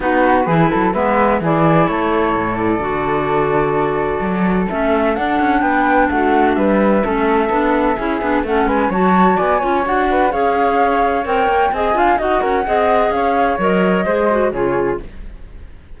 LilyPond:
<<
  \new Staff \with { instrumentName = "flute" } { \time 4/4 \tempo 4 = 128 b'2 e''4 d''4 | cis''4. d''2~ d''8~ | d''2 e''4 fis''4 | g''4 fis''4 e''2~ |
e''2 fis''8 gis''8 a''4 | gis''4 fis''4 f''2 | g''4 gis''4 fis''2 | f''4 dis''2 cis''4 | }
  \new Staff \with { instrumentName = "flute" } { \time 4/4 fis'4 gis'8 a'8 b'4 gis'4 | a'1~ | a'1 | b'4 fis'4 b'4 a'4~ |
a'4 gis'4 a'8 b'8 cis''4 | d''8 cis''4 b'8 cis''2~ | cis''4 dis''8 f''8 dis''8 ais'8 dis''4 | cis''2 c''4 gis'4 | }
  \new Staff \with { instrumentName = "clarinet" } { \time 4/4 dis'4 e'4 b4 e'4~ | e'2 fis'2~ | fis'2 cis'4 d'4~ | d'2. cis'4 |
d'4 e'8 d'8 cis'4 fis'4~ | fis'8 f'8 fis'4 gis'2 | ais'4 gis'8 f'8 fis'4 gis'4~ | gis'4 ais'4 gis'8 fis'8 f'4 | }
  \new Staff \with { instrumentName = "cello" } { \time 4/4 b4 e8 fis8 gis4 e4 | a4 a,4 d2~ | d4 fis4 a4 d'8 cis'8 | b4 a4 g4 a4 |
b4 cis'8 b8 a8 gis8 fis4 | b8 cis'8 d'4 cis'2 | c'8 ais8 c'8 d'8 dis'8 cis'8 c'4 | cis'4 fis4 gis4 cis4 | }
>>